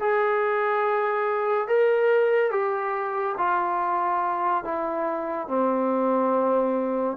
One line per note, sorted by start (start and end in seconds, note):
0.00 1.68 G#4
1.68 2.51 A#4
2.51 3.36 G4
3.38 4.65 F4
4.65 5.48 E4
5.48 7.17 C4